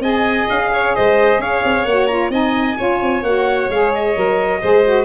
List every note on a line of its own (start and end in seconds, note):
0.00 0.46 C4
0.00 1.87 G#4
0.00 0.71 D#5
0.00 0.49 G#5
0.49 0.96 C#4
0.49 0.95 F5
0.73 0.96 C#5
0.95 1.39 G#3
0.95 1.40 C5
0.95 1.41 D#5
1.39 1.62 C#4
1.39 2.31 C#5
1.39 1.85 F5
1.64 1.85 C4
1.85 2.30 A#3
1.85 2.09 F#4
1.85 2.07 F#5
2.07 2.31 F4
2.07 2.30 A#5
2.30 2.76 C4
2.30 2.77 D#4
2.30 2.77 D#5
2.30 3.24 G#5
2.77 3.02 C#4
2.77 3.23 F4
2.77 4.61 C#5
3.02 3.23 C4
3.23 3.68 A#3
3.23 3.71 F#4
3.23 3.70 F#5
3.69 4.15 G#3
3.69 4.15 G#4
3.69 3.94 F5
3.95 5.05 D#5
4.15 4.62 F#3
4.15 4.61 A#4
4.62 5.05 G#3
4.62 4.84 G#4
4.62 5.05 C5
4.84 5.05 F#4